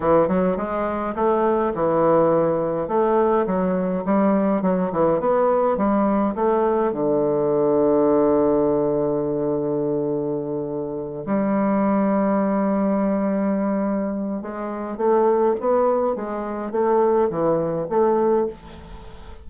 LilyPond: \new Staff \with { instrumentName = "bassoon" } { \time 4/4 \tempo 4 = 104 e8 fis8 gis4 a4 e4~ | e4 a4 fis4 g4 | fis8 e8 b4 g4 a4 | d1~ |
d2.~ d8 g8~ | g1~ | g4 gis4 a4 b4 | gis4 a4 e4 a4 | }